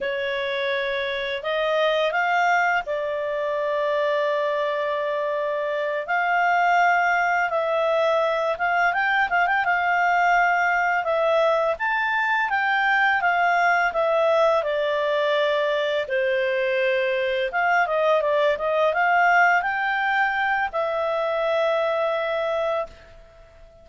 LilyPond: \new Staff \with { instrumentName = "clarinet" } { \time 4/4 \tempo 4 = 84 cis''2 dis''4 f''4 | d''1~ | d''8 f''2 e''4. | f''8 g''8 f''16 g''16 f''2 e''8~ |
e''8 a''4 g''4 f''4 e''8~ | e''8 d''2 c''4.~ | c''8 f''8 dis''8 d''8 dis''8 f''4 g''8~ | g''4 e''2. | }